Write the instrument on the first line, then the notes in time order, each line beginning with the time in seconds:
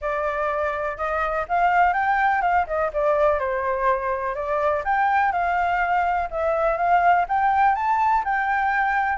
flute
0.01 D5
0.97 D#5
1.48 F5
1.93 G5
2.41 F5
2.66 D#5
2.93 D5
3.39 C5
4.34 D5
4.84 G5
5.32 F5
6.30 E5
6.77 F5
7.28 G5
7.75 A5
8.24 G5